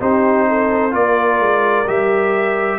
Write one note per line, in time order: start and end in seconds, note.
0.00 0.94 C4
0.00 0.91 D#4
0.00 0.47 G4
0.00 0.94 C5
0.48 0.95 A4
0.91 1.39 A#3
0.91 1.84 F4
0.91 2.79 A#4
0.91 1.88 D5
1.39 1.86 G#3
1.87 2.79 G3
1.87 2.79 G4
1.87 2.79 E5